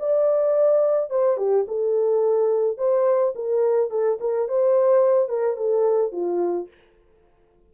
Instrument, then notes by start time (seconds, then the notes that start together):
horn
0.00 D5
1.10 C5
1.38 G4
1.68 A4
2.78 C5
3.35 A#4
3.91 A4
4.21 A#4
4.49 C5
5.29 A#4
5.57 A4
6.12 F4